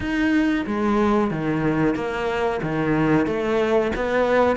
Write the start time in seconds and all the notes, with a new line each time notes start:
0.00 D#4
0.66 G#3
1.30 D#3
1.95 A#3
2.62 D#3
3.26 A3
3.95 B3